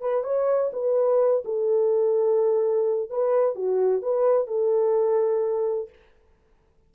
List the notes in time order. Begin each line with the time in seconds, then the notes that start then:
0.00 B4
0.23 C#5
0.72 B4
1.45 A4
3.09 B4
3.55 F#4
4.02 B4
4.47 A4